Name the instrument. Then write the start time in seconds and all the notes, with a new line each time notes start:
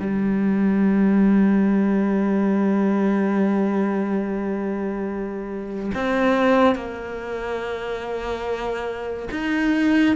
cello
0.00 G3
5.95 C4
6.76 A#3
9.32 D#4